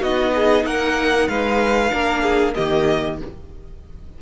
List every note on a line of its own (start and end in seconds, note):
0.00 0.64 B3
0.00 1.91 D#4
0.00 0.32 F#4
0.00 0.66 D#5
0.35 0.66 G#4
0.64 1.28 A#3
0.64 1.29 A#4
0.64 1.27 F#5
1.27 1.91 G#3
1.27 1.92 B4
1.27 2.54 F5
1.91 2.56 A#3
1.91 2.54 D4
1.91 2.22 A#4
2.22 2.54 G#4
2.54 3.21 D#3
2.54 3.18 A#3
2.54 3.18 G4
2.54 3.17 D#5